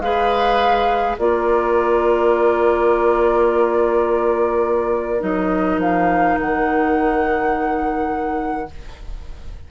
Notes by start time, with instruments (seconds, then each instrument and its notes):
0.00 bassoon G#3, clarinet G#4, oboe B4, flute F5
1.18 bassoon A#3, clarinet F4, oboe A#4, flute D5
5.19 bassoon F#3, clarinet D#4, flute D#5
5.77 bassoon F3, flute F5
6.38 bassoon D#3, flute F#5